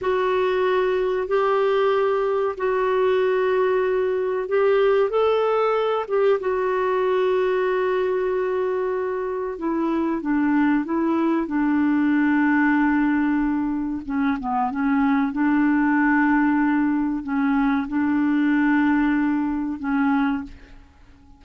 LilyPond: \new Staff \with { instrumentName = "clarinet" } { \time 4/4 \tempo 4 = 94 fis'2 g'2 | fis'2. g'4 | a'4. g'8 fis'2~ | fis'2. e'4 |
d'4 e'4 d'2~ | d'2 cis'8 b8 cis'4 | d'2. cis'4 | d'2. cis'4 | }